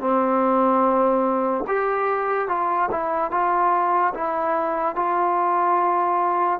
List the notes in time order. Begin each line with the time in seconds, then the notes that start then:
0.00 C4
1.67 G4
2.48 F4
2.91 E4
3.31 F4
4.14 E4
4.95 F4